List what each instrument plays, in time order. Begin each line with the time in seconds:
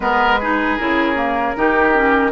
0.00 bassoon G#3, clarinet B3, oboe A#4, flute B4
0.39 clarinet D#4, oboe G#4
0.77 bassoon C#3, clarinet E4, flute A#4
1.15 clarinet A#3
1.56 bassoon D#3, clarinet D#4, oboe G4
1.93 clarinet C#4